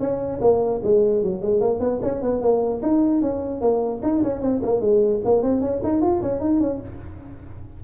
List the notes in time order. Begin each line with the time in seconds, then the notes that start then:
0.00 C#4
0.41 A#3
0.83 G#3
1.23 F#3
1.42 G#3
1.61 A#3
1.80 B3
2.02 C#4
2.22 B3
2.41 A#3
2.83 D#4
3.21 C#4
3.61 A#3
4.03 D#4
4.23 C#4
4.41 C4
4.63 A#3
4.81 G#3
5.25 A#3
5.43 C4
5.61 C#4
5.83 D#4
6.01 F4
6.22 C#4
6.40 D#4
6.60 C#4